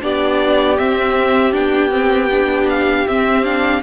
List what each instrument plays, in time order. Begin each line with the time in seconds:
0.00 cello B3, viola D4, violin G4 D5
0.77 viola C4, cello C4, violin E5
1.52 cello B3, viola D4, violin G5
1.90 viola C4
2.30 viola D4
2.69 violin F5
3.07 cello C4, viola C4, violin E5
3.44 viola D4, violin F5